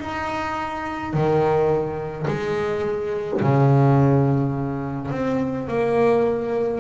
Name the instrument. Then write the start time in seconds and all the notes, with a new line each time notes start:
double bass
0.00 D#4
1.13 D#3
2.27 G#3
3.41 C#3
5.11 C4
5.68 A#3